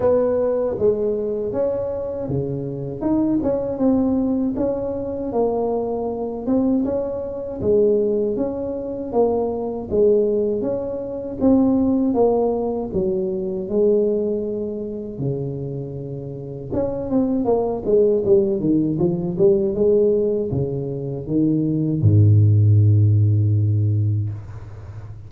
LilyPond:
\new Staff \with { instrumentName = "tuba" } { \time 4/4 \tempo 4 = 79 b4 gis4 cis'4 cis4 | dis'8 cis'8 c'4 cis'4 ais4~ | ais8 c'8 cis'4 gis4 cis'4 | ais4 gis4 cis'4 c'4 |
ais4 fis4 gis2 | cis2 cis'8 c'8 ais8 gis8 | g8 dis8 f8 g8 gis4 cis4 | dis4 gis,2. | }